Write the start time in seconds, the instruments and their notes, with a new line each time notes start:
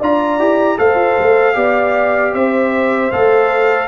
0.00 tuba D4, trombone F4, horn D5, trumpet A#5
0.39 tuba E4, trombone G4
0.78 tuba A3, trombone A4, horn C5, trumpet F5
0.95 tuba F4
1.19 tuba A3
1.55 tuba B3, trombone G4, horn D5
2.34 tuba C4, horn C5, trumpet E5
3.12 tuba A3, trombone A4, trumpet F5